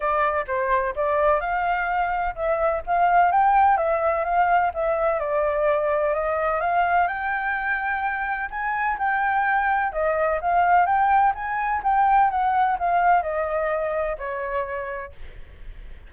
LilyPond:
\new Staff \with { instrumentName = "flute" } { \time 4/4 \tempo 4 = 127 d''4 c''4 d''4 f''4~ | f''4 e''4 f''4 g''4 | e''4 f''4 e''4 d''4~ | d''4 dis''4 f''4 g''4~ |
g''2 gis''4 g''4~ | g''4 dis''4 f''4 g''4 | gis''4 g''4 fis''4 f''4 | dis''2 cis''2 | }